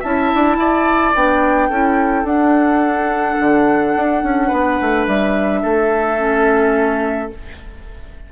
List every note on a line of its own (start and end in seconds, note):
0.00 0.33 C#4
0.00 1.15 E4
0.00 0.56 E5
0.00 1.15 A5
0.35 0.57 D4
0.57 1.13 E4
0.57 1.69 D5
1.15 1.70 B3
1.15 1.71 D4
1.15 2.26 G5
1.69 2.24 C#4
1.69 2.26 E4
1.69 4.47 A4
2.24 3.36 D4
2.24 6.18 D4
2.24 5.07 F#5
3.40 3.95 D3
3.95 4.23 D4
4.23 4.51 C#4
4.47 4.80 B3
4.47 5.60 B4
4.81 5.07 A3
5.07 5.63 G3
5.07 7.32 E5
5.63 7.32 A3
5.63 7.31 A4
6.18 7.30 C#4